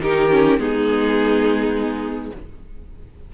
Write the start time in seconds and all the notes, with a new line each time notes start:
0.00 D#3 D#4 G4 A#4
0.30 C#4
0.58 G#3 B3 D#4 G#4